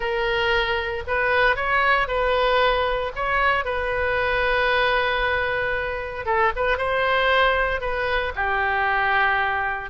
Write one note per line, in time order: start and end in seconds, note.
0.00 1.03 A#4
1.07 1.56 B4
1.56 2.07 C#5
2.07 3.12 B4
3.15 3.65 C#5
3.65 6.25 B4
6.25 6.51 A4
6.55 6.77 B4
6.77 7.80 C5
7.80 8.32 B4
8.35 9.90 G4